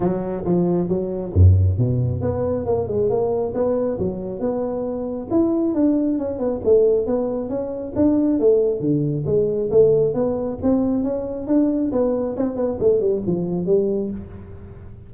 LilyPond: \new Staff \with { instrumentName = "tuba" } { \time 4/4 \tempo 4 = 136 fis4 f4 fis4 fis,4 | b,4 b4 ais8 gis8 ais4 | b4 fis4 b2 | e'4 d'4 cis'8 b8 a4 |
b4 cis'4 d'4 a4 | d4 gis4 a4 b4 | c'4 cis'4 d'4 b4 | c'8 b8 a8 g8 f4 g4 | }